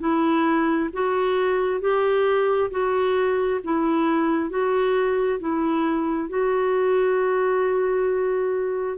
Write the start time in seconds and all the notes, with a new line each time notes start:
0.00 E4
0.94 F#4
1.81 G4
2.71 F#4
3.64 E4
4.50 F#4
5.40 E4
6.29 F#4